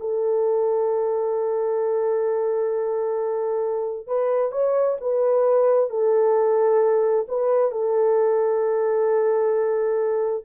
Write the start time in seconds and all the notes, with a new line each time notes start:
0.00 A4
4.07 B4
4.52 C#5
5.01 B4
5.90 A4
7.28 B4
7.71 A4